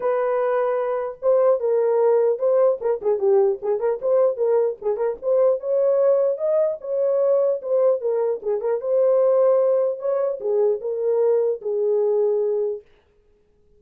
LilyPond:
\new Staff \with { instrumentName = "horn" } { \time 4/4 \tempo 4 = 150 b'2. c''4 | ais'2 c''4 ais'8 gis'8 | g'4 gis'8 ais'8 c''4 ais'4 | gis'8 ais'8 c''4 cis''2 |
dis''4 cis''2 c''4 | ais'4 gis'8 ais'8 c''2~ | c''4 cis''4 gis'4 ais'4~ | ais'4 gis'2. | }